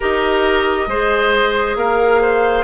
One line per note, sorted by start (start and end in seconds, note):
0.00 0.87 D#4
0.00 0.89 G4
0.00 0.88 A#4
0.00 1.76 D#5
0.87 1.75 G#3
0.87 2.63 G#4
0.87 1.77 C5
1.75 2.63 A#3
1.75 2.21 A#4
1.75 2.63 F5
2.21 2.63 C5